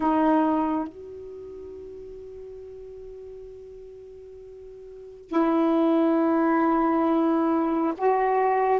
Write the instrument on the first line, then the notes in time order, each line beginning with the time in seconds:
saxophone
0.00 D#4
0.88 F#4
5.28 E4
7.97 F#4